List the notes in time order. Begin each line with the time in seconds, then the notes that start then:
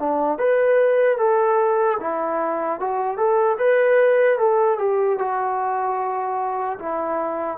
0.00 D4
0.39 B4
1.18 A4
2.00 E4
2.80 F#4
3.18 A4
3.59 B4
4.39 A4
4.79 G4
5.19 F#4
6.80 E4